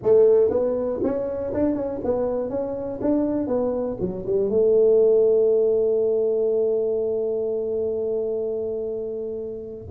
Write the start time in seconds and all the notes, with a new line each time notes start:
0.02 A3
0.50 B3
1.02 C#4
1.53 D4
1.75 C#4
2.03 B3
2.49 C#4
3.01 D4
3.47 B3
4.00 F#3
4.26 G3
4.49 A3